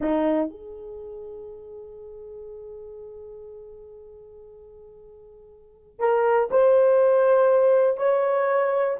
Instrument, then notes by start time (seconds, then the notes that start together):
horn
0.00 D#4
0.50 G#4
5.99 A#4
6.50 C5
7.97 C#5